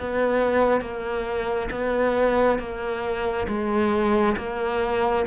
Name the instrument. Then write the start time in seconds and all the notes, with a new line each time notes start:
cello
0.00 B3
0.81 A#3
1.71 B3
2.59 A#3
3.48 G#3
4.37 A#3